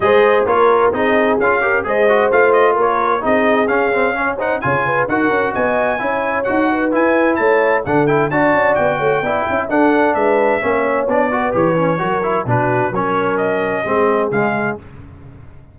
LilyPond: <<
  \new Staff \with { instrumentName = "trumpet" } { \time 4/4 \tempo 4 = 130 dis''4 cis''4 dis''4 f''4 | dis''4 f''8 dis''8 cis''4 dis''4 | f''4. fis''8 gis''4 fis''4 | gis''2 fis''4 gis''4 |
a''4 fis''8 g''8 a''4 g''4~ | g''4 fis''4 e''2 | d''4 cis''2 b'4 | cis''4 dis''2 f''4 | }
  \new Staff \with { instrumentName = "horn" } { \time 4/4 c''4 ais'4 gis'4. ais'8 | c''2 ais'4 gis'4~ | gis'4 cis''8 c''8 cis''8 b'8 ais'4 | dis''4 cis''4. b'4. |
cis''4 a'4 d''4. cis''8 | d''8 e''8 a'4 b'4 cis''4~ | cis''8 b'4. ais'4 fis'4 | ais'2 gis'2 | }
  \new Staff \with { instrumentName = "trombone" } { \time 4/4 gis'4 f'4 dis'4 f'8 g'8 | gis'8 fis'8 f'2 dis'4 | cis'8 c'8 cis'8 dis'8 f'4 fis'4~ | fis'4 e'4 fis'4 e'4~ |
e'4 d'8 e'8 fis'2 | e'4 d'2 cis'4 | d'8 fis'8 g'8 cis'8 fis'8 e'8 d'4 | cis'2 c'4 gis4 | }
  \new Staff \with { instrumentName = "tuba" } { \time 4/4 gis4 ais4 c'4 cis'4 | gis4 a4 ais4 c'4 | cis'2 cis4 dis'8 cis'8 | b4 cis'4 dis'4 e'4 |
a4 d4 d'8 cis'8 b8 a8 | b8 cis'8 d'4 gis4 ais4 | b4 e4 fis4 b,4 | fis2 gis4 cis4 | }
>>